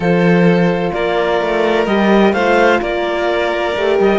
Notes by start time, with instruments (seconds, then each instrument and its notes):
0.00 cello F3, horn F4, violin A4, clarinet C5
0.92 cello A#3, violin A#4, clarinet D5
1.41 cello A3
1.86 cello G3, horn G4, clarinet D#5
2.33 cello A3, horn F4, violin C5, clarinet F5
2.81 cello A#3, violin A#4, clarinet D5
3.76 cello A3, horn G4
3.99 cello G3, clarinet D#5